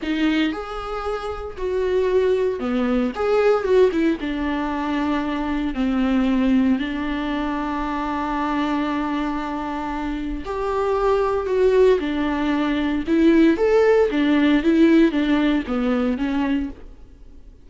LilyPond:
\new Staff \with { instrumentName = "viola" } { \time 4/4 \tempo 4 = 115 dis'4 gis'2 fis'4~ | fis'4 b4 gis'4 fis'8 e'8 | d'2. c'4~ | c'4 d'2.~ |
d'1 | g'2 fis'4 d'4~ | d'4 e'4 a'4 d'4 | e'4 d'4 b4 cis'4 | }